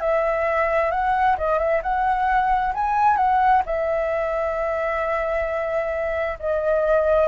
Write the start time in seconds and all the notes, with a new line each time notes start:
0.00 E5
0.90 F#5
1.37 D#5
1.58 E5
1.82 F#5
2.74 G#5
3.17 F#5
3.65 E5
6.39 D#5